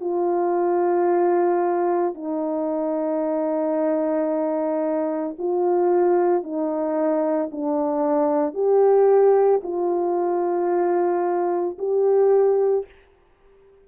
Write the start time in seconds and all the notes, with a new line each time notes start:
0.00 F4
2.14 D#4
5.38 F4
6.43 D#4
7.51 D4
8.54 G4
9.63 F4
11.78 G4